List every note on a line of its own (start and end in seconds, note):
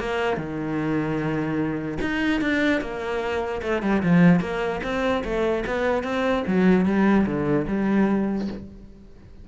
0.00 0.37 A#3
0.37 1.98 D#3
2.01 2.41 D#4
2.41 2.82 D4
2.82 3.62 A#3
3.63 3.82 A3
3.82 4.02 G3
4.03 4.41 F3
4.41 4.81 A#3
4.84 5.24 C4
5.24 5.65 A3
5.67 6.04 B3
6.04 6.44 C4
6.48 6.86 F#3
6.86 7.26 G3
7.26 7.67 D3
7.68 8.48 G3